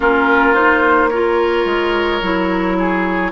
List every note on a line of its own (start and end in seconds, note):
0.00 1.65 A#3
0.00 0.53 C#4
0.00 1.09 F4
0.00 0.54 A#4
0.53 1.09 D#4
0.53 1.09 C5
1.09 2.22 F4
1.09 2.76 A#4
1.09 3.31 C#5
1.65 2.20 G#3
2.21 3.31 F#3
2.21 3.31 E4
2.79 3.31 G#4